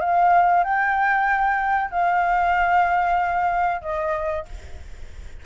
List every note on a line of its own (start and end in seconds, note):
0.00 0.64 F5
0.64 1.91 G5
1.91 3.82 F5
3.82 4.45 D#5